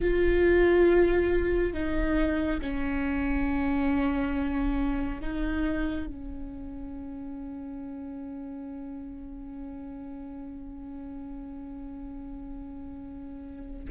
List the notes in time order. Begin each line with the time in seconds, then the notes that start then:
0.00 F4
1.73 D#4
2.61 C#4
5.21 D#4
6.07 C#4